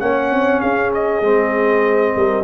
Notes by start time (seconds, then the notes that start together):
0.00 A#3 C#4 C#5 F#5
0.32 C4
0.61 C#4 G#4 F5
0.95 D#5
1.22 G#3 C4
2.16 G3 A#4